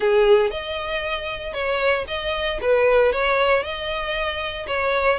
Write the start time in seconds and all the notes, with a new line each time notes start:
0.00 G#4
0.51 D#5
1.53 C#5
2.07 D#5
2.61 B4
3.12 C#5
3.63 D#5
4.67 C#5